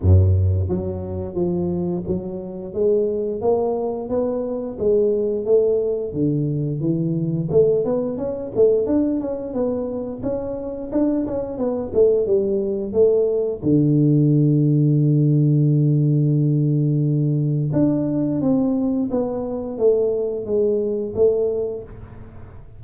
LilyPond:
\new Staff \with { instrumentName = "tuba" } { \time 4/4 \tempo 4 = 88 fis,4 fis4 f4 fis4 | gis4 ais4 b4 gis4 | a4 d4 e4 a8 b8 | cis'8 a8 d'8 cis'8 b4 cis'4 |
d'8 cis'8 b8 a8 g4 a4 | d1~ | d2 d'4 c'4 | b4 a4 gis4 a4 | }